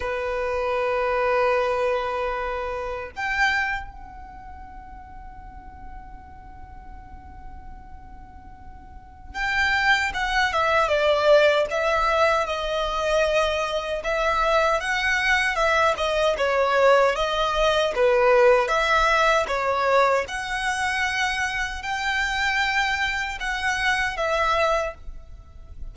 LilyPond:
\new Staff \with { instrumentName = "violin" } { \time 4/4 \tempo 4 = 77 b'1 | g''4 fis''2.~ | fis''1 | g''4 fis''8 e''8 d''4 e''4 |
dis''2 e''4 fis''4 | e''8 dis''8 cis''4 dis''4 b'4 | e''4 cis''4 fis''2 | g''2 fis''4 e''4 | }